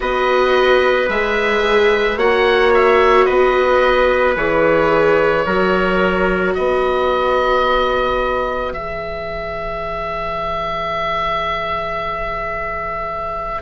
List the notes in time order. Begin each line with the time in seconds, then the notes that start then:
0.00 B3 F#4 B4 D#5
1.08 G#3 G#4 E5
2.17 A#3 F#4 C#5 F#5
2.74 E5
3.25 B3 B4 D#5
4.36 E3 G#4 C#5
5.45 F#3 F#4 A#4
6.54 B3 B4 D#5
8.72 E3 G#4 E5